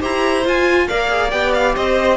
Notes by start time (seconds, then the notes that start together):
0.00 E4 G4 C5 A#5
0.46 F4 G#5
0.88 A#3 A#4 D5 F5
1.09 G#4
1.31 B3 G4 G5
1.54 F5
1.75 C4 C5 D#5